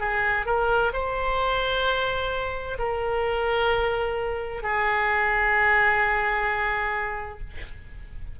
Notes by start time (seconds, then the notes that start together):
0.00 G#4
0.46 A#4
0.93 C5
2.79 A#4
4.63 G#4